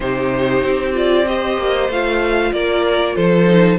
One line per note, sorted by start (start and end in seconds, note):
0.00 0.62 C3
0.00 0.93 D#4
0.00 1.27 G4
0.00 0.95 C5
0.63 1.57 C4
0.93 1.25 F4
0.93 1.27 D5
1.27 1.90 G4
1.27 2.53 C5
1.27 1.90 D#5
1.57 1.88 A#3
1.88 2.52 A3
1.88 3.47 F4
1.88 2.52 F5
2.52 3.15 A#3
2.52 3.16 A#4
2.52 3.15 D5
3.15 3.78 F3
3.15 3.78 A4
3.15 3.78 C5
3.47 3.78 D#4